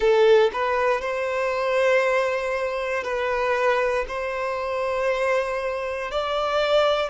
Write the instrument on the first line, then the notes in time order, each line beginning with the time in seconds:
violin
0.00 A4
0.52 B4
1.01 C5
3.03 B4
4.07 C5
6.11 D5